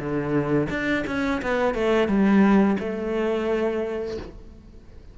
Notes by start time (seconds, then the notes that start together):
0.00 D3
0.70 D4
1.07 C#4
1.43 B3
1.75 A3
2.08 G3
2.80 A3